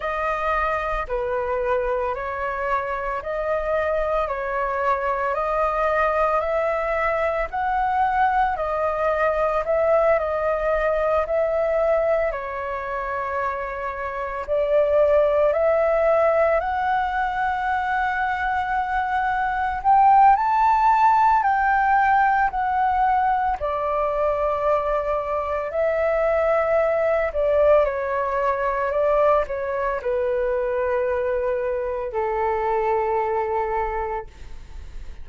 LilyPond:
\new Staff \with { instrumentName = "flute" } { \time 4/4 \tempo 4 = 56 dis''4 b'4 cis''4 dis''4 | cis''4 dis''4 e''4 fis''4 | dis''4 e''8 dis''4 e''4 cis''8~ | cis''4. d''4 e''4 fis''8~ |
fis''2~ fis''8 g''8 a''4 | g''4 fis''4 d''2 | e''4. d''8 cis''4 d''8 cis''8 | b'2 a'2 | }